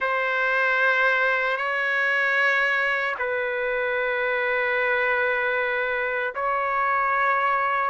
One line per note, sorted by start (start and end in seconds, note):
0.00 1.57 C5
1.57 3.15 C#5
3.18 6.34 B4
6.34 7.90 C#5